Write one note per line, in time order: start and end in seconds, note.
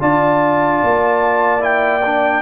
0.00 0.82 D4
0.00 1.60 F4
0.00 2.42 D5
0.00 1.63 A5
0.83 2.42 A#3
1.60 2.01 E4
1.60 2.42 G5
2.05 2.42 D4